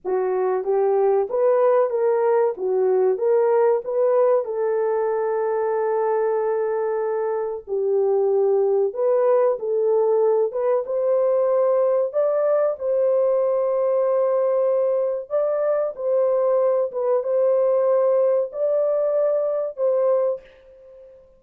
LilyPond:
\new Staff \with { instrumentName = "horn" } { \time 4/4 \tempo 4 = 94 fis'4 g'4 b'4 ais'4 | fis'4 ais'4 b'4 a'4~ | a'1 | g'2 b'4 a'4~ |
a'8 b'8 c''2 d''4 | c''1 | d''4 c''4. b'8 c''4~ | c''4 d''2 c''4 | }